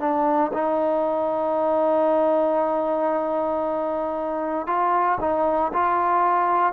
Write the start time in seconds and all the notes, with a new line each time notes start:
0.00 D4
0.54 D#4
4.67 F4
5.21 D#4
5.74 F4